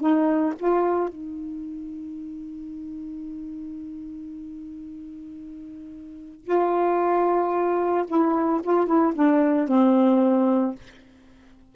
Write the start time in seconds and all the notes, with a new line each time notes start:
0.00 D#4
0.59 F4
1.09 D#4
6.44 F4
8.07 E4
8.63 F4
8.87 E4
9.15 D4
9.68 C4